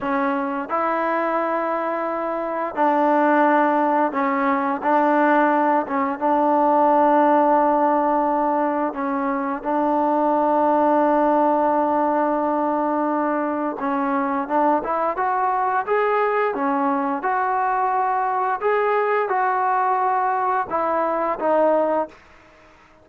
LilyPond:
\new Staff \with { instrumentName = "trombone" } { \time 4/4 \tempo 4 = 87 cis'4 e'2. | d'2 cis'4 d'4~ | d'8 cis'8 d'2.~ | d'4 cis'4 d'2~ |
d'1 | cis'4 d'8 e'8 fis'4 gis'4 | cis'4 fis'2 gis'4 | fis'2 e'4 dis'4 | }